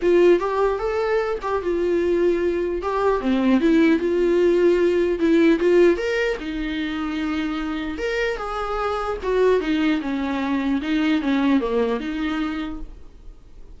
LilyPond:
\new Staff \with { instrumentName = "viola" } { \time 4/4 \tempo 4 = 150 f'4 g'4 a'4. g'8 | f'2. g'4 | c'4 e'4 f'2~ | f'4 e'4 f'4 ais'4 |
dis'1 | ais'4 gis'2 fis'4 | dis'4 cis'2 dis'4 | cis'4 ais4 dis'2 | }